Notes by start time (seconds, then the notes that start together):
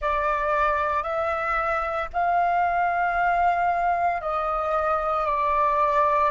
0.01 D5
1.03 E5
2.13 F5
4.21 D#5
5.25 D5